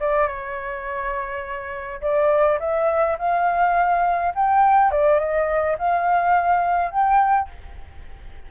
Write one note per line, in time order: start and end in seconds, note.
0.00 0.28 D5
0.28 2.01 C#5
2.01 2.58 D5
2.59 3.17 E5
3.18 4.33 F5
4.35 4.91 G5
4.91 5.19 D5
5.19 5.77 D#5
5.78 6.91 F5
6.91 7.48 G5